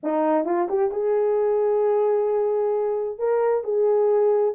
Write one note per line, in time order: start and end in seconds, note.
0.03 0.45 D#4
0.45 0.68 F4
0.68 0.91 G4
0.91 3.18 G#4
3.18 3.64 A#4
3.64 4.55 G#4